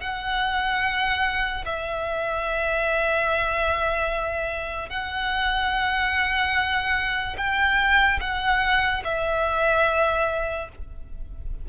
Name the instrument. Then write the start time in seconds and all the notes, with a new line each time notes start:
violin
0.00 F#5
1.66 E5
4.89 F#5
7.37 G5
8.21 F#5
9.04 E5